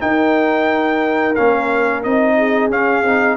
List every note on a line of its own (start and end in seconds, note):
0.00 1.35 D#4
0.00 1.37 D#4
0.00 2.37 A#4
0.00 1.35 G5
1.35 2.05 A#3
1.35 2.03 C#4
1.35 2.03 F5
2.03 2.70 C4
2.03 2.71 D#4
2.03 2.71 D#5
2.37 3.37 G#4
2.70 3.03 C#4
2.70 3.04 C#4
2.70 3.37 F5
3.03 3.37 C4
3.03 3.37 D#4